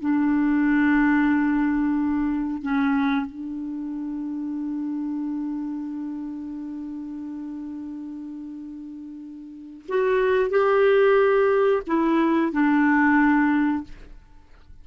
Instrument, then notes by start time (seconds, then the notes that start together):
clarinet
0.00 D4
2.63 C#4
3.27 D4
9.89 F#4
10.51 G4
11.87 E4
12.52 D4